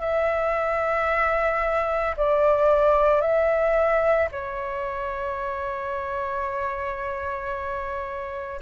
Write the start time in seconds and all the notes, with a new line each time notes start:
0.00 E5
2.16 D5
3.21 E5
4.31 C#5